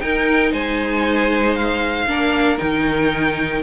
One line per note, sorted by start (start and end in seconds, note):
0.00 2.07 D#4
0.00 0.53 D#4
0.00 0.52 A#4
0.00 0.52 G5
0.52 2.06 G#3
0.52 2.08 C5
0.52 1.55 G#5
1.55 2.58 F5
2.06 2.58 A#3
2.06 2.58 D4
2.06 3.63 A#4
2.58 3.63 D#3
2.58 3.62 D#4
2.58 3.62 G5